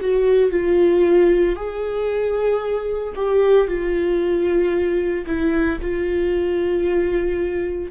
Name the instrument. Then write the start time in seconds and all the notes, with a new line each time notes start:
viola
0.00 F#4
0.50 F4
1.55 G#4
3.15 G4
3.67 F4
5.26 E4
5.81 F4